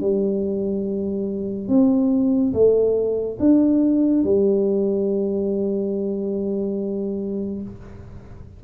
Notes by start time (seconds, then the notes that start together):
0.00 G3
1.68 C4
2.54 A3
3.39 D4
4.24 G3